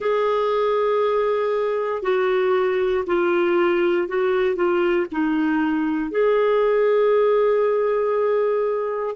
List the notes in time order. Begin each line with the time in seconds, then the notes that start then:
0.00 G#4
2.02 F#4
3.06 F4
4.08 F#4
4.55 F4
5.11 D#4
6.11 G#4